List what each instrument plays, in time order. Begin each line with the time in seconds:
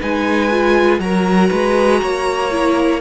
0.00 cello G#3, viola D#4, violin B4 G#5
0.51 viola F4
1.00 cello F#3, viola F#4, violin A#4 A#5
1.50 cello G#3, violin B4
2.02 cello A#3, violin C#5
2.51 viola E4